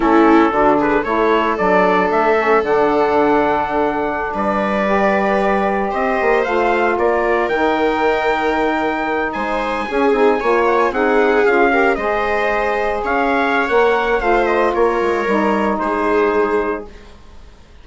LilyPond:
<<
  \new Staff \with { instrumentName = "trumpet" } { \time 4/4 \tempo 4 = 114 a'4. b'8 cis''4 d''4 | e''4 fis''2.~ | fis''16 d''2. dis''8.~ | dis''16 f''4 d''4 g''4.~ g''16~ |
g''4.~ g''16 gis''2~ gis''16~ | gis''16 fis''16 gis''16 fis''4 f''4 dis''4~ dis''16~ | dis''8. f''4~ f''16 fis''4 f''8 dis''8 | cis''2 c''2 | }
  \new Staff \with { instrumentName = "viola" } { \time 4/4 e'4 fis'8 gis'8 a'2~ | a'1~ | a'16 b'2. c''8.~ | c''4~ c''16 ais'2~ ais'8.~ |
ais'4.~ ais'16 c''4 gis'4 cis''16~ | cis''8. gis'4. ais'8 c''4~ c''16~ | c''8. cis''2~ cis''16 c''4 | ais'2 gis'2 | }
  \new Staff \with { instrumentName = "saxophone" } { \time 4/4 cis'4 d'4 e'4 d'4~ | d'8 cis'8 d'2.~ | d'4~ d'16 g'2~ g'8.~ | g'16 f'2 dis'4.~ dis'16~ |
dis'2~ dis'8. cis'8 dis'8 f'16~ | f'8. dis'4 f'8 g'8 gis'4~ gis'16~ | gis'2 ais'4 f'4~ | f'4 dis'2. | }
  \new Staff \with { instrumentName = "bassoon" } { \time 4/4 a4 d4 a4 fis4 | a4 d2.~ | d16 g2. c'8 ais16~ | ais16 a4 ais4 dis4.~ dis16~ |
dis4.~ dis16 gis4 cis'8 c'8 ais16~ | ais8. c'4 cis'4 gis4~ gis16~ | gis8. cis'4~ cis'16 ais4 a4 | ais8 gis8 g4 gis2 | }
>>